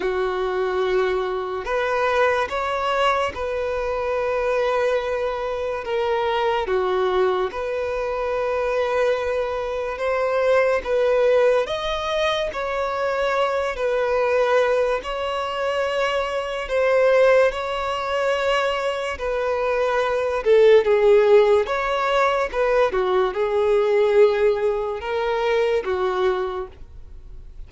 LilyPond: \new Staff \with { instrumentName = "violin" } { \time 4/4 \tempo 4 = 72 fis'2 b'4 cis''4 | b'2. ais'4 | fis'4 b'2. | c''4 b'4 dis''4 cis''4~ |
cis''8 b'4. cis''2 | c''4 cis''2 b'4~ | b'8 a'8 gis'4 cis''4 b'8 fis'8 | gis'2 ais'4 fis'4 | }